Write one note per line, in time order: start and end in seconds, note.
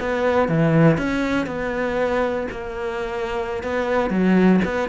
0.00 0.48 B3
0.48 0.97 E3
0.97 1.46 C#4
1.46 2.47 B3
2.51 3.63 A#3
3.63 4.10 B3
4.10 4.60 F#3
4.65 4.89 B3